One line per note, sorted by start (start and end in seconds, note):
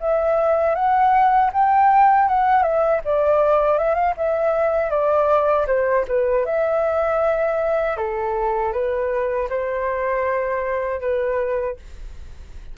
0.00 0.75 E5
0.75 1.51 F#5
1.53 2.28 G5
2.28 2.62 F#5
2.62 3.00 E5
3.04 3.78 D5
3.78 3.95 E5
3.95 4.14 F5
4.17 4.90 E5
4.90 5.66 D5
5.67 6.05 C5
6.08 6.45 B4
6.45 7.97 E5
7.97 8.72 A4
8.72 9.48 B4
9.49 11.00 C5
11.00 11.76 B4